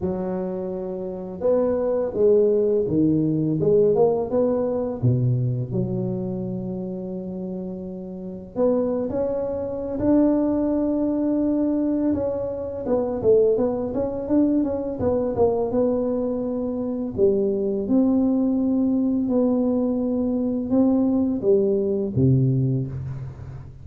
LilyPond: \new Staff \with { instrumentName = "tuba" } { \time 4/4 \tempo 4 = 84 fis2 b4 gis4 | dis4 gis8 ais8 b4 b,4 | fis1 | b8. cis'4~ cis'16 d'2~ |
d'4 cis'4 b8 a8 b8 cis'8 | d'8 cis'8 b8 ais8 b2 | g4 c'2 b4~ | b4 c'4 g4 c4 | }